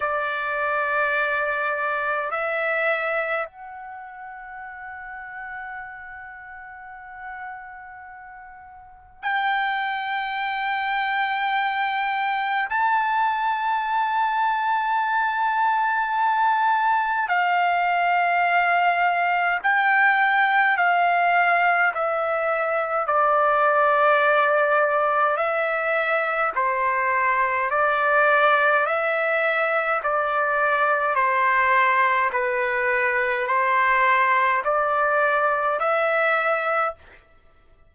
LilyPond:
\new Staff \with { instrumentName = "trumpet" } { \time 4/4 \tempo 4 = 52 d''2 e''4 fis''4~ | fis''1 | g''2. a''4~ | a''2. f''4~ |
f''4 g''4 f''4 e''4 | d''2 e''4 c''4 | d''4 e''4 d''4 c''4 | b'4 c''4 d''4 e''4 | }